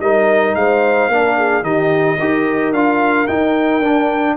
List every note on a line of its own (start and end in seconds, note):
0.00 0.55 G3
0.00 1.12 D#4
0.00 0.56 A#4
0.00 0.55 D#5
0.55 1.08 G#3
0.55 1.12 C5
0.55 1.63 F5
1.08 1.62 A#3
1.08 1.63 D4
1.08 1.37 A#4
1.37 1.64 G#4
1.62 2.16 D#3
1.62 2.17 D#4
1.62 2.18 G4
1.62 2.72 D#5
2.19 2.72 D#4
2.19 2.74 G4
2.19 4.36 A#4
2.72 3.27 D4
2.72 3.28 F4
2.72 3.27 F5
3.27 3.82 D#4
3.27 3.80 D#4
3.27 4.36 G5
3.80 4.35 D4
3.80 4.36 D4